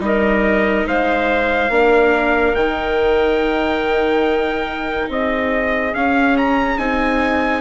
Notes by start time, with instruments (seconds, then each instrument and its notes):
0.00 bassoon G3, viola D#4, clarinet A#4, trumpet D#5
0.87 bassoon G#3, clarinet C5, trumpet F5
1.70 bassoon A#3, viola D4, clarinet A#4
2.55 bassoon D#3, viola D#4, trumpet G5
5.09 bassoon C4, clarinet G#4, trumpet D#5
5.94 viola C#4, bassoon C#4, trumpet F5
6.37 trumpet A#5
6.78 bassoon C4, viola D#4, trumpet G#5